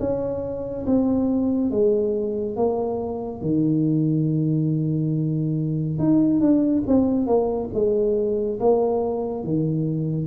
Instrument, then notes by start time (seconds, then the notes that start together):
tuba
0.00 C#4
0.86 C4
1.71 G#3
2.56 A#3
3.42 D#3
5.99 D#4
6.40 D4
6.87 C4
7.27 A#3
7.74 G#3
8.60 A#3
9.44 D#3